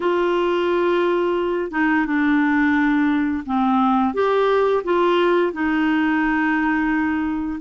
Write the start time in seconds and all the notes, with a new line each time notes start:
0.00 F4
1.71 D#4
2.06 D4
3.45 C4
4.14 G4
4.84 F4
5.53 D#4